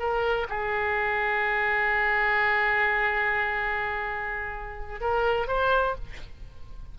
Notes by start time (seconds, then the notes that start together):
0.00 A#4
0.49 G#4
5.01 A#4
5.48 C5